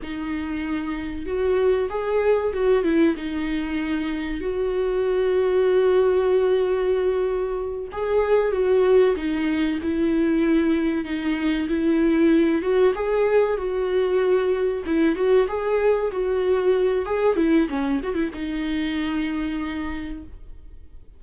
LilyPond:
\new Staff \with { instrumentName = "viola" } { \time 4/4 \tempo 4 = 95 dis'2 fis'4 gis'4 | fis'8 e'8 dis'2 fis'4~ | fis'1~ | fis'8 gis'4 fis'4 dis'4 e'8~ |
e'4. dis'4 e'4. | fis'8 gis'4 fis'2 e'8 | fis'8 gis'4 fis'4. gis'8 e'8 | cis'8 fis'16 e'16 dis'2. | }